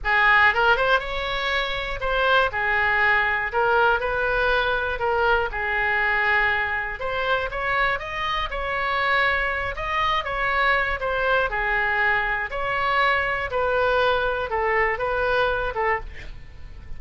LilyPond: \new Staff \with { instrumentName = "oboe" } { \time 4/4 \tempo 4 = 120 gis'4 ais'8 c''8 cis''2 | c''4 gis'2 ais'4 | b'2 ais'4 gis'4~ | gis'2 c''4 cis''4 |
dis''4 cis''2~ cis''8 dis''8~ | dis''8 cis''4. c''4 gis'4~ | gis'4 cis''2 b'4~ | b'4 a'4 b'4. a'8 | }